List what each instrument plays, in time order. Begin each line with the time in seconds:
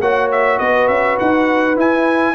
0.00 tuba A#3, trombone F#4, horn C#5, trumpet F#5
0.31 trumpet E5
0.58 tuba B3, horn B4, trumpet D#5
0.87 tuba C#4, trumpet E5
1.19 tuba D#4, trumpet F#5
1.76 trombone E4, tuba E4, trumpet G#5